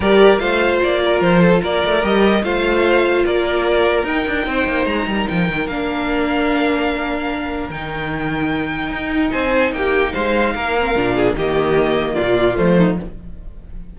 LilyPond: <<
  \new Staff \with { instrumentName = "violin" } { \time 4/4 \tempo 4 = 148 d''4 f''4 d''4 c''4 | d''4 dis''4 f''2 | d''2 g''2 | ais''4 g''4 f''2~ |
f''2. g''4~ | g''2. gis''4 | g''4 f''2. | dis''2 d''4 c''4 | }
  \new Staff \with { instrumentName = "violin" } { \time 4/4 ais'4 c''4. ais'4 a'8 | ais'2 c''2 | ais'2. c''4~ | c''8 ais'2.~ ais'8~ |
ais'1~ | ais'2. c''4 | g'4 c''4 ais'4. gis'8 | g'2 f'4. dis'8 | }
  \new Staff \with { instrumentName = "viola" } { \time 4/4 g'4 f'2.~ | f'4 g'4 f'2~ | f'2 dis'2~ | dis'2 d'2~ |
d'2. dis'4~ | dis'1~ | dis'2~ dis'8 c'8 d'4 | ais2. a4 | }
  \new Staff \with { instrumentName = "cello" } { \time 4/4 g4 a4 ais4 f4 | ais8 a8 g4 a2 | ais2 dis'8 d'8 c'8 ais8 | gis8 g8 f8 dis8 ais2~ |
ais2. dis4~ | dis2 dis'4 c'4 | ais4 gis4 ais4 ais,4 | dis2 ais,4 f4 | }
>>